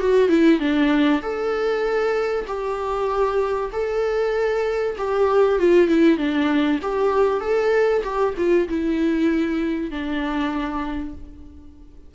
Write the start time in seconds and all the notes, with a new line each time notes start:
0.00 F#4
0.28 E4
0.60 D4
1.22 A4
2.47 G4
3.73 A4
4.97 G4
5.59 F4
5.88 E4
6.18 D4
6.82 G4
7.41 A4
8.04 G4
8.37 F4
8.68 E4
9.91 D4